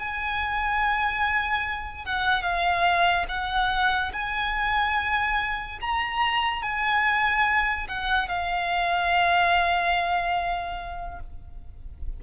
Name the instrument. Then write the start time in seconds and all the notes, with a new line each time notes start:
violin
0.00 G#5
2.06 F#5
2.43 F5
3.29 F#5
4.13 G#5
5.81 A#5
6.63 G#5
7.88 F#5
8.29 F5